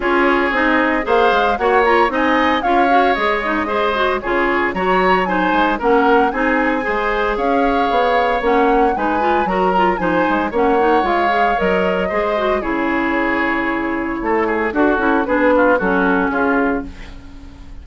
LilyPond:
<<
  \new Staff \with { instrumentName = "flute" } { \time 4/4 \tempo 4 = 114 cis''4 dis''4 f''4 fis''8 ais''8 | gis''4 f''4 dis''2 | cis''4 ais''4 gis''4 fis''4 | gis''2 f''2 |
fis''4 gis''4 ais''4 gis''4 | fis''4 f''4 dis''2 | cis''1 | a'4 b'4 a'4 gis'4 | }
  \new Staff \with { instrumentName = "oboe" } { \time 4/4 gis'2 c''4 cis''4 | dis''4 cis''2 c''4 | gis'4 cis''4 c''4 ais'4 | gis'4 c''4 cis''2~ |
cis''4 b'4 ais'4 c''4 | cis''2. c''4 | gis'2. a'8 gis'8 | fis'4 gis'8 f'8 fis'4 f'4 | }
  \new Staff \with { instrumentName = "clarinet" } { \time 4/4 f'4 dis'4 gis'4 fis'8 f'8 | dis'4 f'8 fis'8 gis'8 dis'8 gis'8 fis'8 | f'4 fis'4 dis'4 cis'4 | dis'4 gis'2. |
cis'4 dis'8 f'8 fis'8 f'8 dis'4 | cis'8 dis'8 f'8 gis'8 ais'4 gis'8 fis'8 | e'1 | fis'8 e'8 d'4 cis'2 | }
  \new Staff \with { instrumentName = "bassoon" } { \time 4/4 cis'4 c'4 ais8 gis8 ais4 | c'4 cis'4 gis2 | cis4 fis4. gis8 ais4 | c'4 gis4 cis'4 b4 |
ais4 gis4 fis4 f8 gis8 | ais4 gis4 fis4 gis4 | cis2. a4 | d'8 cis'8 b4 fis4 cis'4 | }
>>